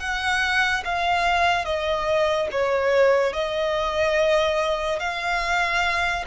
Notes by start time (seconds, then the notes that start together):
0.00 F#5
0.84 F5
1.65 D#5
2.52 C#5
3.33 D#5
5.00 F5